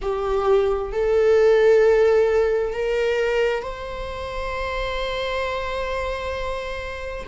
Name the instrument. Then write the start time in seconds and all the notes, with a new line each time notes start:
viola
0.01 G4
0.92 A4
2.73 A#4
3.62 C5